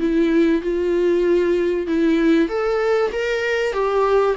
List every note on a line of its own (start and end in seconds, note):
0.00 0.62 E4
0.62 1.87 F4
1.87 2.49 E4
2.49 3.11 A4
3.12 3.73 A#4
3.73 4.36 G4